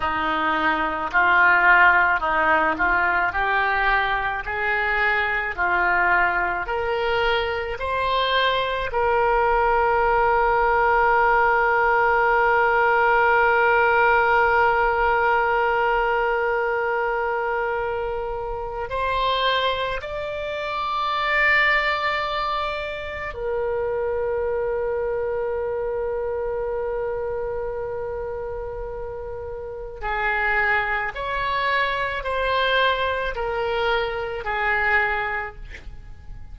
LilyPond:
\new Staff \with { instrumentName = "oboe" } { \time 4/4 \tempo 4 = 54 dis'4 f'4 dis'8 f'8 g'4 | gis'4 f'4 ais'4 c''4 | ais'1~ | ais'1~ |
ais'4 c''4 d''2~ | d''4 ais'2.~ | ais'2. gis'4 | cis''4 c''4 ais'4 gis'4 | }